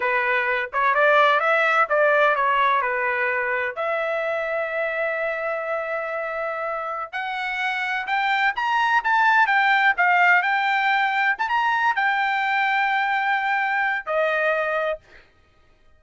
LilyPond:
\new Staff \with { instrumentName = "trumpet" } { \time 4/4 \tempo 4 = 128 b'4. cis''8 d''4 e''4 | d''4 cis''4 b'2 | e''1~ | e''2.~ e''16 fis''8.~ |
fis''4~ fis''16 g''4 ais''4 a''8.~ | a''16 g''4 f''4 g''4.~ g''16~ | g''16 a''16 ais''4 g''2~ g''8~ | g''2 dis''2 | }